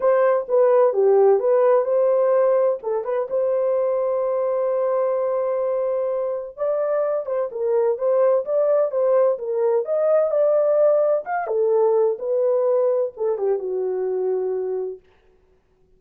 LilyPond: \new Staff \with { instrumentName = "horn" } { \time 4/4 \tempo 4 = 128 c''4 b'4 g'4 b'4 | c''2 a'8 b'8 c''4~ | c''1~ | c''2 d''4. c''8 |
ais'4 c''4 d''4 c''4 | ais'4 dis''4 d''2 | f''8 a'4. b'2 | a'8 g'8 fis'2. | }